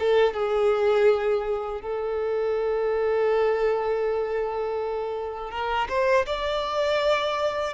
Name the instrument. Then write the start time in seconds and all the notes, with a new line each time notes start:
violin
0.00 A4
0.34 G#4
1.82 A4
5.51 A#4
5.89 C5
6.27 D5